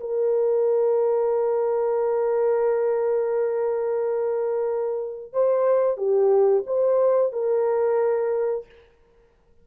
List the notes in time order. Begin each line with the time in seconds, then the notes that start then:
0.00 A#4
5.33 C5
5.97 G4
6.66 C5
7.32 A#4